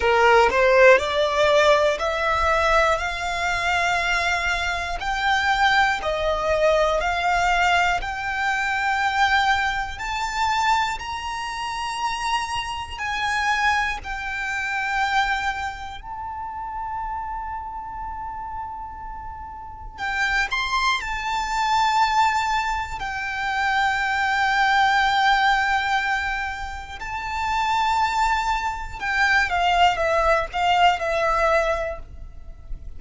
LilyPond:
\new Staff \with { instrumentName = "violin" } { \time 4/4 \tempo 4 = 60 ais'8 c''8 d''4 e''4 f''4~ | f''4 g''4 dis''4 f''4 | g''2 a''4 ais''4~ | ais''4 gis''4 g''2 |
a''1 | g''8 c'''8 a''2 g''4~ | g''2. a''4~ | a''4 g''8 f''8 e''8 f''8 e''4 | }